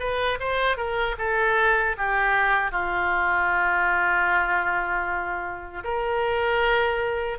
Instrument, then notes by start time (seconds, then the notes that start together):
oboe
0.00 B4
0.40 C5
0.77 A#4
1.19 A4
1.98 G4
2.72 F4
5.84 A#4